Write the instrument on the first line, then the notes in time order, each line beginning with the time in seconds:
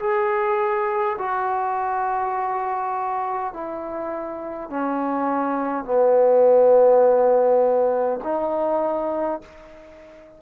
trombone
0.00 G#4
1.19 F#4
3.54 E4
4.70 C#4
5.85 B3
8.25 D#4